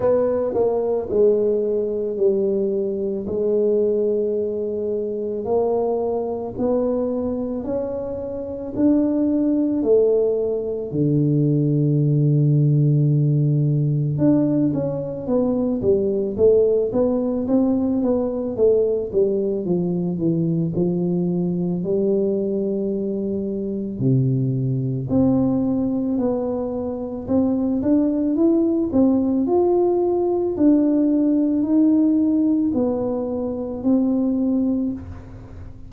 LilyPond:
\new Staff \with { instrumentName = "tuba" } { \time 4/4 \tempo 4 = 55 b8 ais8 gis4 g4 gis4~ | gis4 ais4 b4 cis'4 | d'4 a4 d2~ | d4 d'8 cis'8 b8 g8 a8 b8 |
c'8 b8 a8 g8 f8 e8 f4 | g2 c4 c'4 | b4 c'8 d'8 e'8 c'8 f'4 | d'4 dis'4 b4 c'4 | }